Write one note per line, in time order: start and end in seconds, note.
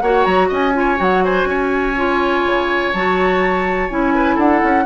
0.00 0.26 A#3
0.00 0.73 F#4
0.00 0.48 C#5
0.00 0.24 F#5
0.24 0.50 F#3
0.24 0.48 A#5
0.48 0.99 C#4
0.48 0.72 D#5
0.48 1.02 G#5
0.73 0.96 F4
0.73 1.24 C#5
0.96 1.45 F#3
0.96 1.93 F#4
0.96 1.24 F#5
1.24 1.48 C5
1.24 2.92 G#5
1.45 2.41 C#4
1.45 4.14 C#5
1.96 2.93 F4
2.45 2.93 C#3
2.92 3.90 F#3
2.92 3.89 F#4
2.92 3.89 A5
3.89 4.37 C#4
3.89 4.86 E4
3.89 4.38 G#5
4.14 4.35 B4
4.35 4.61 D4
4.35 4.83 A4
4.35 4.86 F#5
4.63 4.86 C#4